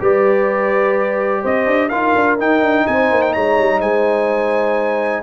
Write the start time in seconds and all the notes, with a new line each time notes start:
0.00 G3 G4 B4 D5
1.41 C4 C5 D#5
1.66 D4
1.89 D#4 F4 A#4 F5
2.15 D4
2.38 D#4 G5
2.62 D4
2.87 C4 C5 G#5
3.11 A#3
3.22 G5
3.33 G#3 C#5 A#5
3.58 G3
3.79 G#3 C5 G#5